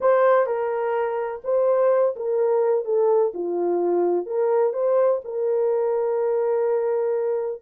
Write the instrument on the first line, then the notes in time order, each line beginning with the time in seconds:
horn
0.00 C5
0.46 A#4
1.44 C5
2.16 A#4
2.84 A4
3.33 F4
4.26 A#4
4.73 C5
5.24 A#4